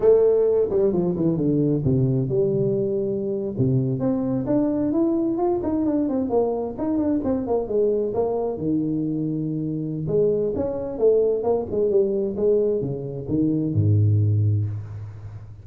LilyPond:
\new Staff \with { instrumentName = "tuba" } { \time 4/4 \tempo 4 = 131 a4. g8 f8 e8 d4 | c4 g2~ g8. c16~ | c8. c'4 d'4 e'4 f'16~ | f'16 dis'8 d'8 c'8 ais4 dis'8 d'8 c'16~ |
c'16 ais8 gis4 ais4 dis4~ dis16~ | dis2 gis4 cis'4 | a4 ais8 gis8 g4 gis4 | cis4 dis4 gis,2 | }